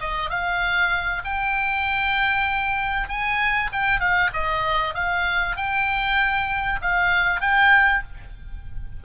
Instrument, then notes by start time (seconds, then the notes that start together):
oboe
0.00 D#5
0.30 F5
1.25 G5
3.08 G#5
3.73 G5
4.00 F5
4.33 D#5
4.95 F5
5.56 G5
6.82 F5
7.41 G5